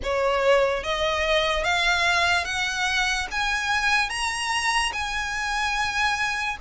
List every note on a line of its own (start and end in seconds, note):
0.03 0.83 C#5
0.83 1.64 D#5
1.64 2.44 F5
2.44 3.27 F#5
3.31 4.09 G#5
4.09 4.91 A#5
4.92 6.57 G#5